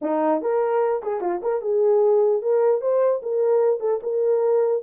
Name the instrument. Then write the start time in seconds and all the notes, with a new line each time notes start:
horn
0.01 D#4
0.41 A#4
1.02 G#4
1.20 F4
1.42 A#4
1.61 G#4
2.41 A#4
2.81 C5
3.22 A#4
3.80 A4
4.02 A#4